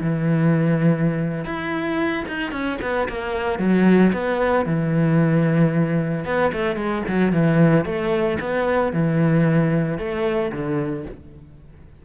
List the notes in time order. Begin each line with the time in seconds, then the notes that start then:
0.00 E3
1.45 E4
2.28 D#4
2.51 C#4
2.81 B3
3.08 A#3
3.59 F#3
4.13 B3
4.65 E3
6.25 B3
6.52 A3
6.76 G#3
7.08 F#3
7.32 E3
7.85 A3
8.40 B3
8.92 E3
9.98 A3
10.52 D3